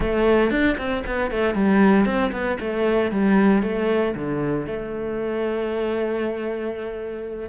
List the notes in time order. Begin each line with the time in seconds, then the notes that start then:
0.00 A3
0.50 D4
0.78 C4
1.06 B3
1.30 A3
1.54 G3
2.05 C4
2.31 B3
2.60 A3
3.11 G3
3.62 A3
4.14 D3
4.66 A3